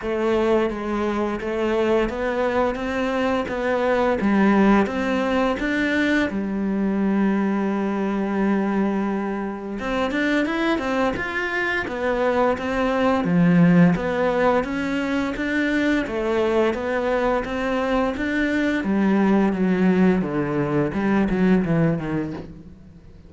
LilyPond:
\new Staff \with { instrumentName = "cello" } { \time 4/4 \tempo 4 = 86 a4 gis4 a4 b4 | c'4 b4 g4 c'4 | d'4 g2.~ | g2 c'8 d'8 e'8 c'8 |
f'4 b4 c'4 f4 | b4 cis'4 d'4 a4 | b4 c'4 d'4 g4 | fis4 d4 g8 fis8 e8 dis8 | }